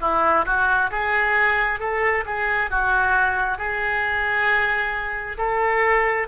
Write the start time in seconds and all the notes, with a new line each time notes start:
0.00 E4
0.45 F#4
0.90 G#4
1.80 A4
2.25 G#4
2.70 F#4
3.58 G#4
5.37 A4